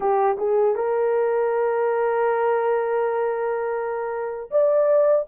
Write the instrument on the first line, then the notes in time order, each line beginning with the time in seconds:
horn
0.00 G4
0.37 G#4
0.75 A#4
4.50 D5